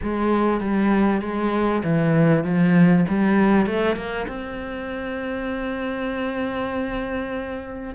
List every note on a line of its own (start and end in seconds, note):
0.02 0.60 G#3
0.60 1.21 G3
1.21 1.82 G#3
1.83 2.44 E3
2.44 3.05 F3
3.08 3.66 G3
3.66 3.95 A3
3.95 4.26 A#3
4.27 7.94 C4